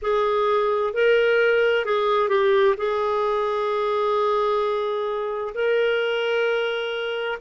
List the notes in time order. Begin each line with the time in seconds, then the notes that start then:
0.02 G#4
0.93 A#4
1.85 G#4
2.28 G4
2.77 G#4
5.54 A#4